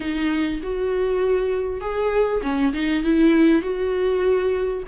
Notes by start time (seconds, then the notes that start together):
0.00 D#4
0.62 F#4
1.80 G#4
2.42 C#4
2.73 D#4
3.03 E4
3.62 F#4